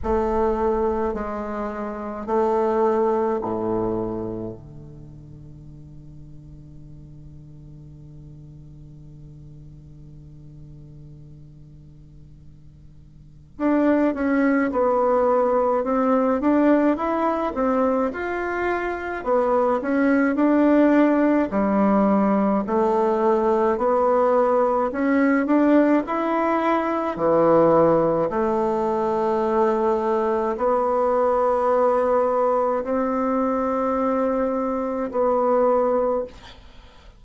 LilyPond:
\new Staff \with { instrumentName = "bassoon" } { \time 4/4 \tempo 4 = 53 a4 gis4 a4 a,4 | d1~ | d1 | d'8 cis'8 b4 c'8 d'8 e'8 c'8 |
f'4 b8 cis'8 d'4 g4 | a4 b4 cis'8 d'8 e'4 | e4 a2 b4~ | b4 c'2 b4 | }